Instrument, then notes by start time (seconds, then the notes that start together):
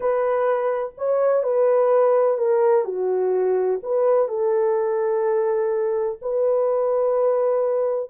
horn
0.00 B4
0.97 C#5
1.43 B4
2.37 A#4
2.84 F#4
3.82 B4
4.28 A4
6.21 B4